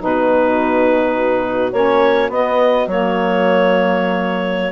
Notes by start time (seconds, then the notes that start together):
0.00 B2 D#4 F#4 B4
1.73 A#3 C#4 C#5
2.30 B3 D#5
2.87 F#3 A#3 C#5